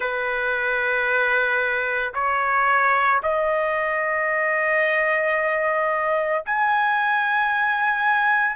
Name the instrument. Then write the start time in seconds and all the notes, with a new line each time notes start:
trumpet
0.00 B4
2.14 C#5
3.22 D#5
6.45 G#5